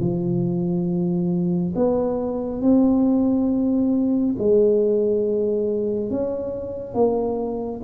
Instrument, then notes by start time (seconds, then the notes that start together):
tuba
0.00 F3
1.75 B3
2.62 C4
4.38 G#3
6.10 C#4
6.94 A#3